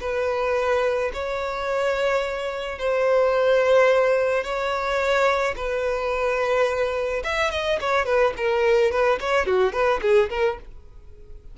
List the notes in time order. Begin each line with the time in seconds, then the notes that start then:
0.00 B4
1.13 C#5
2.78 C5
4.43 C#5
5.56 B4
7.24 E5
7.51 D#5
7.80 C#5
8.06 B4
8.37 A#4
8.91 B4
9.20 C#5
9.46 F#4
9.72 B4
10.02 G#4
10.30 A#4